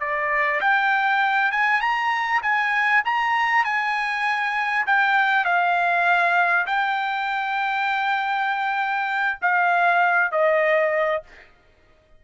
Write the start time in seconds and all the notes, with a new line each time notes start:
0.00 D5
0.61 G5
1.52 G#5
1.81 A#5
2.42 G#5
3.05 A#5
3.64 G#5
4.87 G5
5.45 F5
6.66 G5
9.42 F5
10.32 D#5